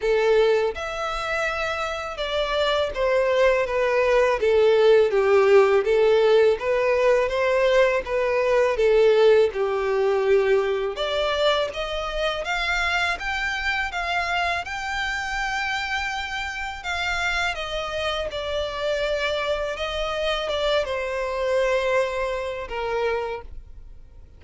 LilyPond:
\new Staff \with { instrumentName = "violin" } { \time 4/4 \tempo 4 = 82 a'4 e''2 d''4 | c''4 b'4 a'4 g'4 | a'4 b'4 c''4 b'4 | a'4 g'2 d''4 |
dis''4 f''4 g''4 f''4 | g''2. f''4 | dis''4 d''2 dis''4 | d''8 c''2~ c''8 ais'4 | }